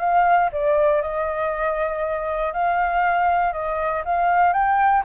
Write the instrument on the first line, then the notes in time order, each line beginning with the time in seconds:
flute
0.00 F5
0.52 D5
1.02 D#5
2.53 F5
3.53 D#5
4.05 F5
4.53 G5